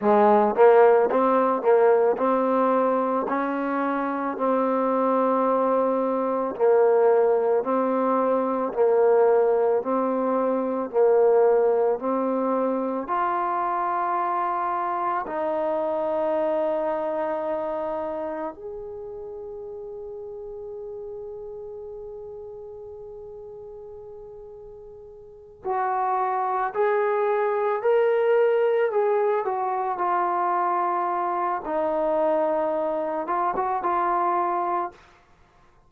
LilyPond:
\new Staff \with { instrumentName = "trombone" } { \time 4/4 \tempo 4 = 55 gis8 ais8 c'8 ais8 c'4 cis'4 | c'2 ais4 c'4 | ais4 c'4 ais4 c'4 | f'2 dis'2~ |
dis'4 gis'2.~ | gis'2.~ gis'8 fis'8~ | fis'8 gis'4 ais'4 gis'8 fis'8 f'8~ | f'4 dis'4. f'16 fis'16 f'4 | }